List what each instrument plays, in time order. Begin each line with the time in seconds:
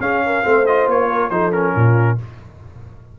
0.00 tuba C#4, trombone C#4, horn G#4, trumpet F5
0.26 horn A#4
0.43 tuba A3, trombone C4, horn C5
0.66 trombone F4, trumpet D#5
0.87 tuba A#3, trumpet C#5
1.09 horn A#4
1.30 tuba F3, trombone D#4, horn A4, trumpet C5
1.52 trombone C#4, trumpet A#4
1.75 tuba A#2, horn F4